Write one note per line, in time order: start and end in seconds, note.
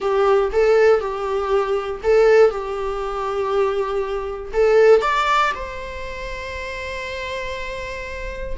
0.00 0.51 G4
0.52 1.00 A4
1.00 2.01 G4
2.03 2.50 A4
2.50 4.52 G4
4.53 5.01 A4
5.01 5.52 D5
5.54 8.57 C5